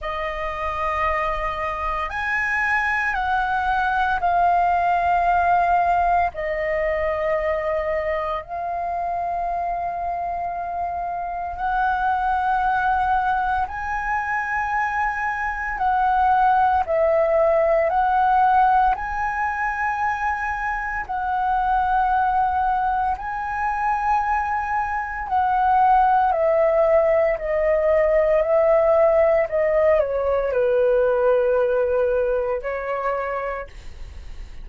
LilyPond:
\new Staff \with { instrumentName = "flute" } { \time 4/4 \tempo 4 = 57 dis''2 gis''4 fis''4 | f''2 dis''2 | f''2. fis''4~ | fis''4 gis''2 fis''4 |
e''4 fis''4 gis''2 | fis''2 gis''2 | fis''4 e''4 dis''4 e''4 | dis''8 cis''8 b'2 cis''4 | }